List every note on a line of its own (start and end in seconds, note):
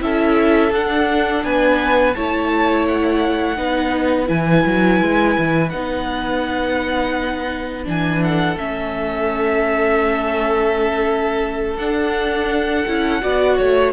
0.00 0.72 C#4
0.00 0.71 E4
0.00 1.46 A4
0.00 0.74 E5
0.72 1.43 D4
0.72 2.15 D4
0.72 1.45 F#5
1.44 2.15 B3
1.44 2.16 B4
1.44 2.15 G#5
2.15 3.58 A3
2.15 3.57 E4
2.15 3.59 C#5
2.15 2.86 A5
2.88 4.29 F#5
3.57 4.29 B3
3.57 4.26 D#4
3.57 8.23 B4
4.26 4.65 E3
4.26 5.69 E4
4.26 5.70 G#5
4.66 5.02 F#3
5.02 5.37 G#3
5.39 5.74 E3
5.70 7.87 B3
5.70 7.85 D#4
5.70 7.84 F#5
7.85 8.57 E3
7.85 8.56 D4
7.85 8.24 G#5
8.23 13.23 A4
8.23 8.59 F#5
8.57 11.78 A3
8.57 11.79 C#4
8.57 11.77 E5
11.77 12.85 D4
11.77 12.86 D4
11.77 13.91 F#5
12.88 13.24 C#4
12.88 13.22 E4
13.22 13.60 B3
13.22 13.93 F#4
13.22 13.58 D5
13.58 13.93 A3
13.58 13.93 C#5